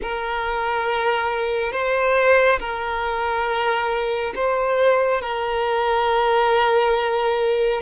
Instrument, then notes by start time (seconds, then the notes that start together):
violin
0.02 A#4
1.72 C5
2.59 A#4
4.35 C5
5.21 A#4